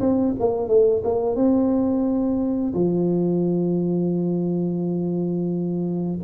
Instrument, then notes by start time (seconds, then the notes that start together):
tuba
0.00 C4
0.40 A#3
0.68 A3
1.04 A#3
1.36 C4
2.74 F3